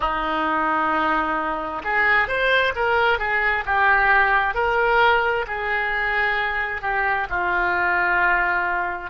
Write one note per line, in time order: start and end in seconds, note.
0.00 1.82 D#4
1.83 2.27 G#4
2.27 2.73 C5
2.75 3.18 A#4
3.18 3.64 G#4
3.65 4.54 G4
4.54 5.45 A#4
5.47 6.81 G#4
6.81 7.27 G4
7.29 9.10 F4